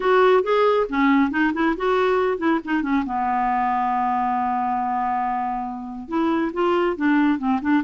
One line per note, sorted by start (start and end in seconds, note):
0.00 0.43 F#4
0.43 0.86 G#4
0.89 1.30 C#4
1.30 1.52 D#4
1.53 1.75 E4
1.76 2.37 F#4
2.37 2.59 E4
2.65 2.82 D#4
2.82 3.04 C#4
3.05 6.08 B3
6.08 6.51 E4
6.53 6.96 F4
6.96 7.38 D4
7.38 7.60 C4
7.61 7.83 D4